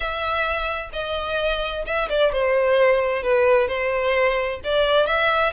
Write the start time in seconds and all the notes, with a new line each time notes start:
0.00 E5
0.93 D#5
1.85 E5
2.09 D5
2.32 C5
3.22 B4
3.68 C5
4.64 D5
5.06 E5